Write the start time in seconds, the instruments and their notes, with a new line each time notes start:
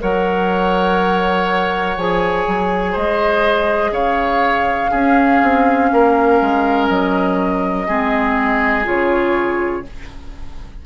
0.00 bassoon F#3, clarinet A#4, oboe C#5, flute F#5
1.97 bassoon F3, clarinet G#4, flute G#5
2.47 bassoon F#3
2.92 bassoon G#3, oboe C5, flute D#5
3.92 bassoon C#3, oboe C#5, flute F5
4.91 clarinet C#4, bassoon C#4, oboe G#4
5.43 bassoon C4
5.92 bassoon A#3, oboe A#4
6.41 bassoon G#3
6.89 bassoon F#3, flute D#5
7.87 bassoon G#3, clarinet C4, oboe G#4
8.84 bassoon C#3, clarinet F4, flute C#5